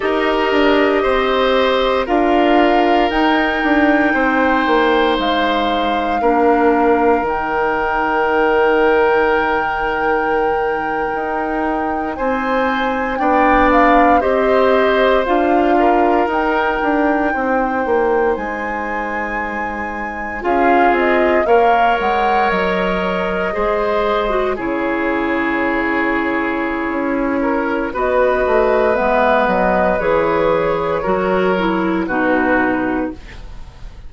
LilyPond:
<<
  \new Staff \with { instrumentName = "flute" } { \time 4/4 \tempo 4 = 58 dis''2 f''4 g''4~ | g''4 f''2 g''4~ | g''2.~ g''8. gis''16~ | gis''8. g''8 f''8 dis''4 f''4 g''16~ |
g''4.~ g''16 gis''2 f''16~ | f''16 dis''8 f''8 fis''8 dis''2 cis''16~ | cis''2. dis''4 | e''8 dis''8 cis''2 b'4 | }
  \new Staff \with { instrumentName = "oboe" } { \time 4/4 ais'4 c''4 ais'2 | c''2 ais'2~ | ais'2.~ ais'8. c''16~ | c''8. d''4 c''4. ais'8.~ |
ais'8. c''2. gis'16~ | gis'8. cis''2 c''4 gis'16~ | gis'2~ gis'8 ais'8 b'4~ | b'2 ais'4 fis'4 | }
  \new Staff \with { instrumentName = "clarinet" } { \time 4/4 g'2 f'4 dis'4~ | dis'2 d'4 dis'4~ | dis'1~ | dis'8. d'4 g'4 f'4 dis'16~ |
dis'2.~ dis'8. f'16~ | f'8. ais'2 gis'8. fis'16 e'16~ | e'2. fis'4 | b4 gis'4 fis'8 e'8 dis'4 | }
  \new Staff \with { instrumentName = "bassoon" } { \time 4/4 dis'8 d'8 c'4 d'4 dis'8 d'8 | c'8 ais8 gis4 ais4 dis4~ | dis2~ dis8. dis'4 c'16~ | c'8. b4 c'4 d'4 dis'16~ |
dis'16 d'8 c'8 ais8 gis2 cis'16~ | cis'16 c'8 ais8 gis8 fis4 gis4 cis16~ | cis2 cis'4 b8 a8 | gis8 fis8 e4 fis4 b,4 | }
>>